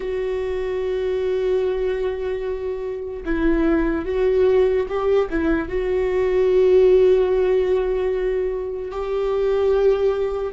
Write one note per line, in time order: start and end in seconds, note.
0.00 3.23 F#4
3.25 4.05 E4
4.05 4.86 F#4
4.88 5.29 G4
5.29 5.68 E4
5.68 8.91 F#4
8.91 10.53 G4